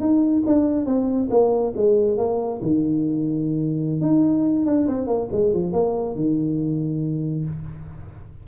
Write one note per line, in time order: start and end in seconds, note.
0.00 0.43 D#4
0.46 0.86 D4
0.86 1.29 C4
1.30 1.73 A#3
1.76 2.18 G#3
2.18 2.61 A#3
2.62 4.01 D#3
4.01 4.66 D#4
4.66 4.87 D4
4.88 5.07 C4
5.07 5.29 A#3
5.32 5.53 G#3
5.53 5.73 F3
5.73 6.16 A#3
6.16 7.45 D#3